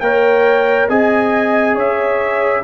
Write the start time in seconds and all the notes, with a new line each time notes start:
0.00 A#3 A#4 C#5 G5
0.89 C4 G#4 D#5 G#5
1.75 C#4 C#5 E5